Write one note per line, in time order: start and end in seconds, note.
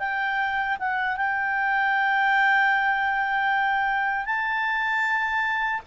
0.00 0.78 G5
0.80 1.17 F#5
1.17 4.26 G5
4.26 5.82 A5